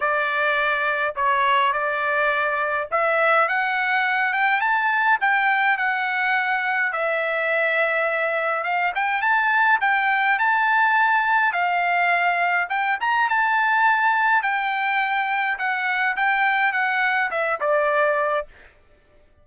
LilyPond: \new Staff \with { instrumentName = "trumpet" } { \time 4/4 \tempo 4 = 104 d''2 cis''4 d''4~ | d''4 e''4 fis''4. g''8 | a''4 g''4 fis''2 | e''2. f''8 g''8 |
a''4 g''4 a''2 | f''2 g''8 ais''8 a''4~ | a''4 g''2 fis''4 | g''4 fis''4 e''8 d''4. | }